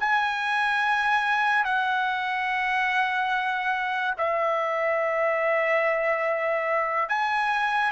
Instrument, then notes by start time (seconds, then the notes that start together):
trumpet
0.00 G#5
1.65 F#5
4.18 E5
7.09 G#5